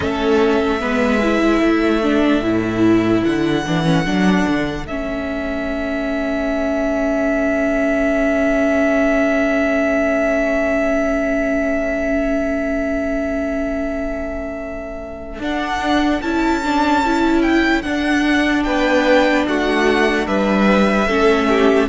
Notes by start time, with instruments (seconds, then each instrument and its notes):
0.00 cello A3, viola C#4, violin A4 E5
0.80 cello G#3, viola B3, violin B4
1.21 viola E4
1.61 cello A3, violin A4
2.02 viola D4
2.40 cello A2, viola E4
3.24 cello D3, violin F#5
3.65 cello E3, viola D4
3.84 viola C#4
4.05 cello F#3, viola D4
4.48 cello D3
4.86 cello A3, viola C#4, violin E5
15.39 cello D4, viola D4, violin F#5
16.21 cello C#4, viola E4, violin A5
16.63 viola D4
17.05 viola E4
17.42 violin G5
17.81 viola D4, cello D4, violin F#5
18.63 cello B3, violin B4 G5
19.47 cello A3, violin F#4 F#5
20.26 cello G3, violin B4 E5
21.07 cello A3, viola C#4, violin A4
21.48 violin G4